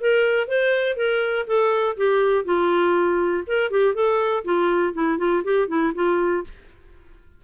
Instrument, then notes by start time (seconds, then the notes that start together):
clarinet
0.00 A#4
0.47 C5
0.96 A#4
1.47 A4
1.97 G4
2.44 F4
3.46 A#4
3.70 G4
3.94 A4
4.44 F4
4.93 E4
5.18 F4
5.44 G4
5.68 E4
5.94 F4